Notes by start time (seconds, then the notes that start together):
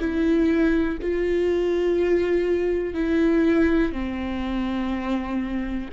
0.00 E4
1.02 F4
2.94 E4
3.93 C4